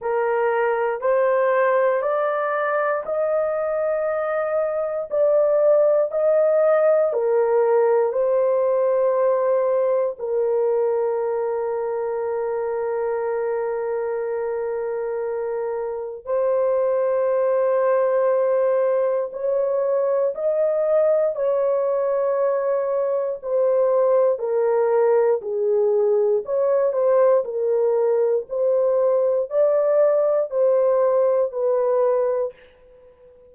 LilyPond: \new Staff \with { instrumentName = "horn" } { \time 4/4 \tempo 4 = 59 ais'4 c''4 d''4 dis''4~ | dis''4 d''4 dis''4 ais'4 | c''2 ais'2~ | ais'1 |
c''2. cis''4 | dis''4 cis''2 c''4 | ais'4 gis'4 cis''8 c''8 ais'4 | c''4 d''4 c''4 b'4 | }